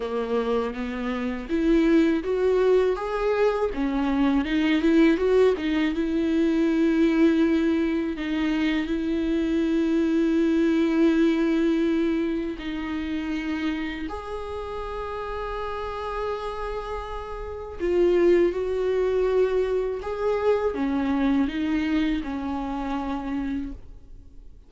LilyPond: \new Staff \with { instrumentName = "viola" } { \time 4/4 \tempo 4 = 81 ais4 b4 e'4 fis'4 | gis'4 cis'4 dis'8 e'8 fis'8 dis'8 | e'2. dis'4 | e'1~ |
e'4 dis'2 gis'4~ | gis'1 | f'4 fis'2 gis'4 | cis'4 dis'4 cis'2 | }